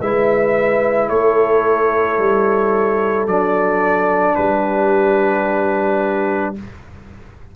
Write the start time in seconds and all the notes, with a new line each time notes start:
0.00 G#3 E4 B4 E5
1.09 A3 A4 C#5
2.18 G3
3.27 F#3 D4 D5
4.35 G3 G4 B4